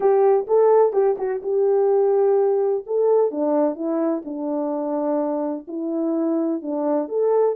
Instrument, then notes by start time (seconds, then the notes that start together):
horn
0.00 G4
0.47 A4
0.93 G4
1.17 F#4
1.42 G4
2.86 A4
3.31 D4
3.75 E4
4.24 D4
5.67 E4
6.62 D4
7.08 A4